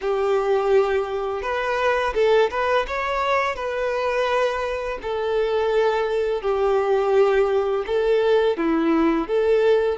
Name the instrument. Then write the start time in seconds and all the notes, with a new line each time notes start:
violin
0.01 G4
1.42 B4
2.14 A4
2.50 B4
2.87 C#5
3.55 B4
5.02 A4
6.41 G4
7.86 A4
8.57 E4
9.27 A4